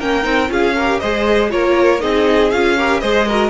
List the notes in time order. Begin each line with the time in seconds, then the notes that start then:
0.00 A#3 C#4 A#4 G5
0.23 C4 D#4
0.48 C#4 F4 G#4 F5
0.76 G4 A#4
1.00 G#3 G#4 C5 D#5
1.50 A#3 F4 A#4 C#5
2.00 C4 D#4 G#4 D#5
2.51 C#4 F4 F5
2.77 G4 A#4
3.00 G#3 G#4 C5 D#5
3.27 F#4 A#4